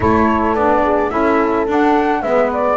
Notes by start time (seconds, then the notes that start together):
0.00 A3 E4 A4 C#5
0.54 B3 D4 D5
0.83 G#4
1.10 C#4 E4 A4 E5
1.67 D4 F#5
2.22 G#3 B3 B4 E5
2.53 D5